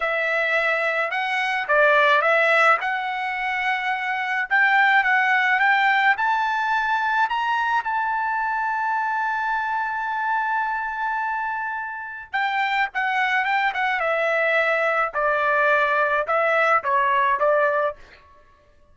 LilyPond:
\new Staff \with { instrumentName = "trumpet" } { \time 4/4 \tempo 4 = 107 e''2 fis''4 d''4 | e''4 fis''2. | g''4 fis''4 g''4 a''4~ | a''4 ais''4 a''2~ |
a''1~ | a''2 g''4 fis''4 | g''8 fis''8 e''2 d''4~ | d''4 e''4 cis''4 d''4 | }